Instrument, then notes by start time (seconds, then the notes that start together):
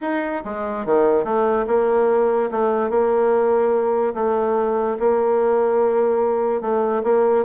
bassoon
0.01 D#4
0.45 G#3
0.85 D#3
1.24 A3
1.67 A#3
2.51 A3
2.89 A#3
4.14 A3
4.99 A#3
6.61 A3
7.03 A#3